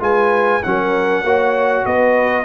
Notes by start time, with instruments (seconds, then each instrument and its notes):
0.00 tuba G#3, trombone F4, horn B4, trumpet G#5
0.63 tuba F#3, trombone C#4, horn A#4, trumpet F#5
1.23 tuba A#3, trombone F#4, horn C#5
1.86 tuba B3, horn B4, trumpet D#5